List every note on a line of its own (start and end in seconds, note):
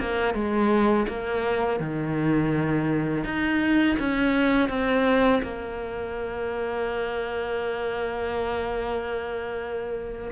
0.00 0.35 A#3
0.35 1.07 G#3
1.08 1.80 A#3
1.80 3.25 D#3
3.25 3.97 D#4
3.99 4.70 C#4
4.70 5.42 C4
5.43 10.31 A#3